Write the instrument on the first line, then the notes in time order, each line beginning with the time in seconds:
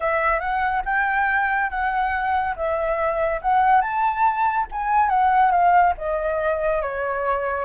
flute
0.00 E5
0.39 F#5
0.85 G5
1.69 F#5
2.55 E5
3.41 F#5
3.81 A5
4.71 G#5
5.09 F#5
5.51 F5
5.97 D#5
6.81 C#5